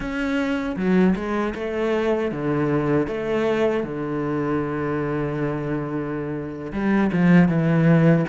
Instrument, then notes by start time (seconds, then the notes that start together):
cello
0.00 C#4
0.76 F#3
1.15 G#3
1.54 A3
2.31 D3
3.07 A3
3.83 D3
6.72 G3
7.12 F3
7.48 E3